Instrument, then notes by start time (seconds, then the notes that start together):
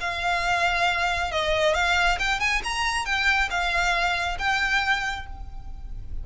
violin
0.00 F5
1.31 D#5
1.74 F5
2.19 G5
2.40 G#5
2.64 A#5
3.05 G5
3.50 F5
4.38 G5